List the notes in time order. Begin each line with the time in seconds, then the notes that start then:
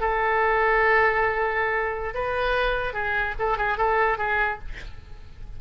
0.00 A4
2.14 B4
2.93 G#4
3.39 A4
3.57 G#4
3.77 A4
4.18 G#4